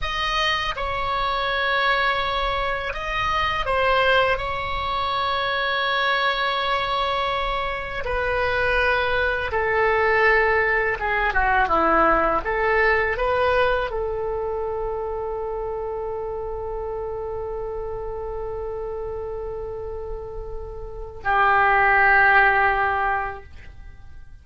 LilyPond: \new Staff \with { instrumentName = "oboe" } { \time 4/4 \tempo 4 = 82 dis''4 cis''2. | dis''4 c''4 cis''2~ | cis''2. b'4~ | b'4 a'2 gis'8 fis'8 |
e'4 a'4 b'4 a'4~ | a'1~ | a'1~ | a'4 g'2. | }